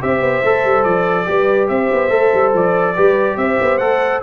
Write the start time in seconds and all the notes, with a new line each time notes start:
0.00 C4 G4 C5 E5
0.21 B3
0.44 A3 A4
0.64 G3
0.83 F3 D5
1.25 G3 G4 B4
1.68 C4 C5 E5
1.92 B3
2.09 A3 A4
2.34 G3
2.54 F3 D5
2.95 G3 G4 B4
3.37 C4 C5 E5
3.61 B3
3.78 A3 A4 F#5